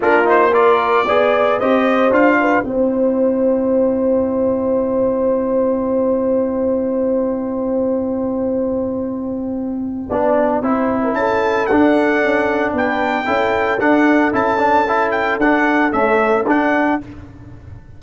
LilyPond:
<<
  \new Staff \with { instrumentName = "trumpet" } { \time 4/4 \tempo 4 = 113 ais'8 c''8 d''2 dis''4 | f''4 g''2.~ | g''1~ | g''1~ |
g''1~ | g''4 a''4 fis''2 | g''2 fis''4 a''4~ | a''8 g''8 fis''4 e''4 fis''4 | }
  \new Staff \with { instrumentName = "horn" } { \time 4/4 f'4 ais'4 d''4 c''4~ | c''8 b'8 c''2.~ | c''1~ | c''1~ |
c''2. d''4 | c''8. ais'16 a'2. | b'4 a'2.~ | a'1 | }
  \new Staff \with { instrumentName = "trombone" } { \time 4/4 d'8 dis'8 f'4 gis'4 g'4 | f'4 e'2.~ | e'1~ | e'1~ |
e'2. d'4 | e'2 d'2~ | d'4 e'4 d'4 e'8 d'8 | e'4 d'4 a4 d'4 | }
  \new Staff \with { instrumentName = "tuba" } { \time 4/4 ais2 b4 c'4 | d'4 c'2.~ | c'1~ | c'1~ |
c'2. b4 | c'4 cis'4 d'4 cis'4 | b4 cis'4 d'4 cis'4~ | cis'4 d'4 cis'4 d'4 | }
>>